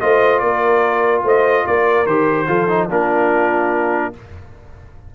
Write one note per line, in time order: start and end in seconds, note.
0.00 0.40 A3
0.00 2.06 F4
0.00 0.42 C5
0.00 0.39 D#5
0.39 1.23 A#3
0.39 1.24 A#4
0.39 1.21 D5
1.23 1.64 A3
1.23 1.65 C5
1.23 1.66 D#5
1.66 2.06 A#3
1.66 2.47 A#4
1.66 2.06 D5
2.06 2.47 D#3
2.06 2.47 G4
2.06 2.88 C5
2.47 2.89 F3
2.47 2.67 F4
2.47 2.88 A4
2.68 2.89 D#4
2.89 4.12 A#3
2.89 4.13 D4
2.89 4.13 F4
2.89 4.14 A#4